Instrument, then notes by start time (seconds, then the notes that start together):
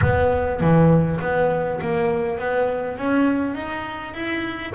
double bass
0.01 B3
0.60 E3
1.20 B3
1.81 A#3
2.38 B3
2.97 C#4
3.55 D#4
4.13 E4